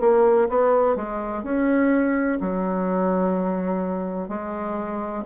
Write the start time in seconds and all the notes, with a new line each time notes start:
0.00 A#3
0.49 B3
0.95 G#3
1.43 C#4
2.40 F#3
4.28 G#3